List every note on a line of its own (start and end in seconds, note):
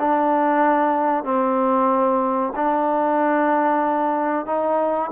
0.00 1.24 D4
1.24 2.53 C4
2.56 4.46 D4
4.46 5.11 D#4